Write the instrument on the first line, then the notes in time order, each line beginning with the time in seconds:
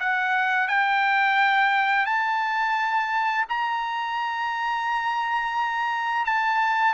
trumpet
0.00 F#5
0.68 G5
2.06 A5
3.49 A#5
6.26 A5